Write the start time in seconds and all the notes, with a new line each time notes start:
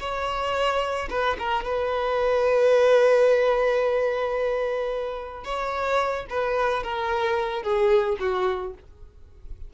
0.00 C#5
1.10 B4
1.39 A#4
1.65 B4
5.45 C#5
6.30 B4
6.84 A#4
7.63 G#4
8.20 F#4